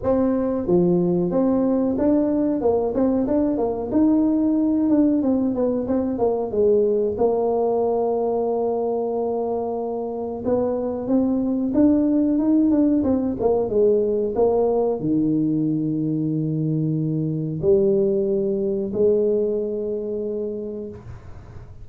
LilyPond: \new Staff \with { instrumentName = "tuba" } { \time 4/4 \tempo 4 = 92 c'4 f4 c'4 d'4 | ais8 c'8 d'8 ais8 dis'4. d'8 | c'8 b8 c'8 ais8 gis4 ais4~ | ais1 |
b4 c'4 d'4 dis'8 d'8 | c'8 ais8 gis4 ais4 dis4~ | dis2. g4~ | g4 gis2. | }